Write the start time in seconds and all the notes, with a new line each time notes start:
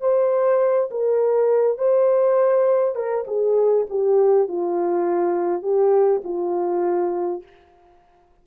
0.00 C5
0.90 A#4
1.78 C5
2.95 A#4
3.27 G#4
3.90 G4
4.48 F4
5.62 G4
6.24 F4